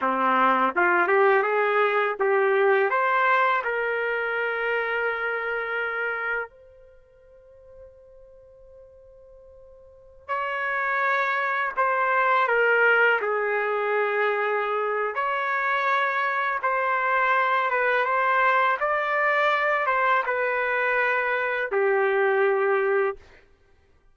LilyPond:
\new Staff \with { instrumentName = "trumpet" } { \time 4/4 \tempo 4 = 83 c'4 f'8 g'8 gis'4 g'4 | c''4 ais'2.~ | ais'4 c''2.~ | c''2~ c''16 cis''4.~ cis''16~ |
cis''16 c''4 ais'4 gis'4.~ gis'16~ | gis'4 cis''2 c''4~ | c''8 b'8 c''4 d''4. c''8 | b'2 g'2 | }